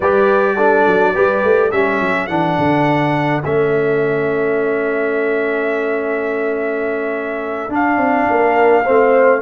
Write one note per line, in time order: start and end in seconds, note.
0.00 0.85 G3
0.00 0.57 G4
0.00 0.55 B4
0.00 1.71 D5
0.55 1.14 D4
0.55 1.13 A4
0.87 1.15 F#3
1.14 1.43 G3
1.14 1.71 G4
1.14 1.71 B4
1.43 1.72 A3
1.71 2.00 G3
1.71 2.28 C#4
1.71 8.28 A4
1.71 2.26 E5
2.01 2.28 F#3
2.26 2.57 E3
2.26 3.43 D4
2.26 3.41 F#5
2.58 3.44 D3
3.45 7.68 A3
3.45 7.69 C#4
3.45 7.73 E5
7.68 7.97 D4
7.68 8.84 D4
7.68 9.41 F5
7.97 8.25 C4
8.30 8.87 A#3
8.30 8.84 A#4
8.84 9.41 A3
8.84 9.41 C4
8.84 9.41 C5